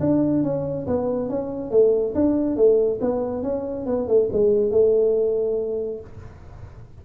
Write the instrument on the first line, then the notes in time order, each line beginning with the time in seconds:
tuba
0.00 D4
0.43 C#4
0.87 B3
1.29 C#4
1.71 A3
2.15 D4
2.56 A3
3.01 B3
3.43 C#4
3.86 B3
4.08 A3
4.32 G#3
4.71 A3